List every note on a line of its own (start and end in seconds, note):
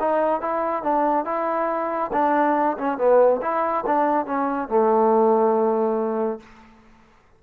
0.00 0.41 D#4
0.41 0.83 E4
0.83 1.25 D4
1.25 2.11 E4
2.13 2.77 D4
2.78 2.98 C#4
2.98 3.41 B3
3.42 3.85 E4
3.86 4.26 D4
4.26 4.69 C#4
4.69 6.40 A3